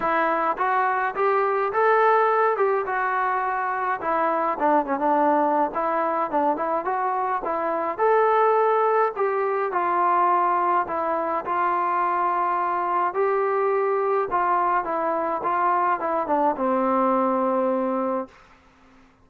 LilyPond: \new Staff \with { instrumentName = "trombone" } { \time 4/4 \tempo 4 = 105 e'4 fis'4 g'4 a'4~ | a'8 g'8 fis'2 e'4 | d'8 cis'16 d'4~ d'16 e'4 d'8 e'8 | fis'4 e'4 a'2 |
g'4 f'2 e'4 | f'2. g'4~ | g'4 f'4 e'4 f'4 | e'8 d'8 c'2. | }